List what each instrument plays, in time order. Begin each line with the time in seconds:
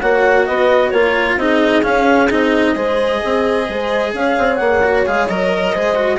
0.00 bassoon A#3, cello F#4, horn C#5, clarinet F#5
0.46 bassoon B3, horn B4, clarinet D#5
0.90 bassoon A#3, cello F4, horn A#4, clarinet C#5
1.37 bassoon C4, cello D#4, horn G#4, clarinet D#5
1.83 cello C#4, bassoon C#4, clarinet F5
2.30 bassoon C4, cello D#4, clarinet D#5
2.74 bassoon G#3, cello G#4, horn C5
3.20 bassoon C4, horn G#4
3.67 bassoon G#3, horn C5
4.14 bassoon C#4, horn C#5, clarinet F5
4.38 bassoon C4
4.56 bassoon A#3, clarinet F#5
4.83 cello F#4
5.06 bassoon G#3, cello G#4, clarinet F5
5.27 bassoon F#3, cello A#4, clarinet D#5
5.72 bassoon G#3, cello G#4, horn C5
5.95 cello F#4